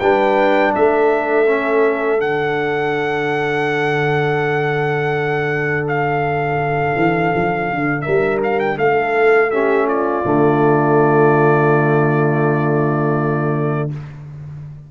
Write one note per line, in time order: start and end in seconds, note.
0.00 0.74 G3
0.00 1.46 D4
0.00 0.74 B4
0.00 0.73 G5
0.75 2.21 A3
0.75 8.04 A4
0.75 2.21 E5
1.46 2.19 C#4
2.19 6.96 D3
2.19 9.50 D4
2.19 5.87 F#5
5.88 8.02 F5
6.97 7.33 E3
7.35 7.70 F3
7.70 8.07 D3
8.02 8.78 G3
8.02 8.77 A#4
8.02 8.38 E5
8.44 8.60 F5
8.60 8.78 G5
8.78 10.24 A3
8.78 9.52 A4
8.78 9.51 F5
9.51 10.24 C#4
9.51 9.87 G4
9.51 9.88 E5
9.87 13.90 F4
9.87 13.91 D5
10.24 13.91 D3
10.24 13.90 A3